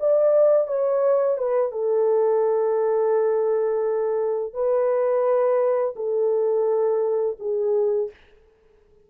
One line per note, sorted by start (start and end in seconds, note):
0.00 0.68 D5
0.68 1.38 C#5
1.38 1.72 B4
1.72 4.54 A4
4.54 5.95 B4
5.96 7.37 A4
7.40 8.10 G#4